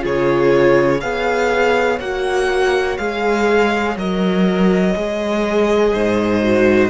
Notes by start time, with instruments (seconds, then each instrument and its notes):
0.00 cello C#3, viola F4, violin G#4 C#5
1.00 cello B3, viola G#4, violin C#5 F5
1.99 cello A#3, viola F#4, violin F#5
2.97 cello G#3, viola G#4, violin F5
3.96 cello F#3, viola A#4, violin D#5
4.94 cello G#3, viola G#4
5.92 cello G#2, violin C5
6.42 viola F#4